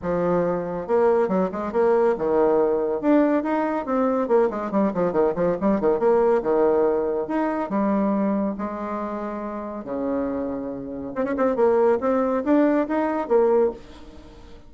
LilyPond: \new Staff \with { instrumentName = "bassoon" } { \time 4/4 \tempo 4 = 140 f2 ais4 fis8 gis8 | ais4 dis2 d'4 | dis'4 c'4 ais8 gis8 g8 f8 | dis8 f8 g8 dis8 ais4 dis4~ |
dis4 dis'4 g2 | gis2. cis4~ | cis2 c'16 cis'16 c'8 ais4 | c'4 d'4 dis'4 ais4 | }